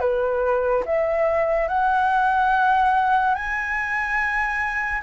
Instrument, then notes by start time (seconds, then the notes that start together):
flute
0.00 B4
0.86 E5
1.68 F#5
3.35 G#5